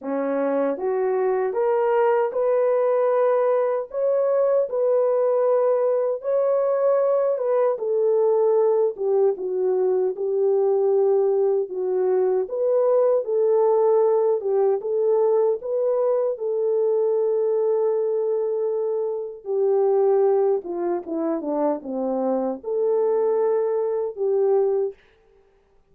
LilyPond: \new Staff \with { instrumentName = "horn" } { \time 4/4 \tempo 4 = 77 cis'4 fis'4 ais'4 b'4~ | b'4 cis''4 b'2 | cis''4. b'8 a'4. g'8 | fis'4 g'2 fis'4 |
b'4 a'4. g'8 a'4 | b'4 a'2.~ | a'4 g'4. f'8 e'8 d'8 | c'4 a'2 g'4 | }